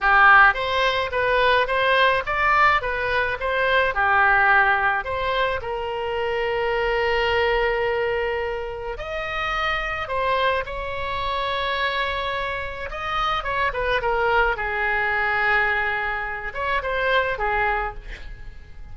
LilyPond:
\new Staff \with { instrumentName = "oboe" } { \time 4/4 \tempo 4 = 107 g'4 c''4 b'4 c''4 | d''4 b'4 c''4 g'4~ | g'4 c''4 ais'2~ | ais'1 |
dis''2 c''4 cis''4~ | cis''2. dis''4 | cis''8 b'8 ais'4 gis'2~ | gis'4. cis''8 c''4 gis'4 | }